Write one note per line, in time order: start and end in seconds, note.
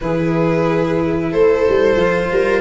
0.00 1.33 E3
0.00 1.99 E4
0.00 1.31 G#4
0.00 1.32 B4
1.31 1.66 A3
1.31 2.30 A4
1.31 2.61 C5
1.69 1.95 G3
1.95 2.28 F3
1.95 2.61 F4
2.31 2.61 G3
2.31 2.61 A#4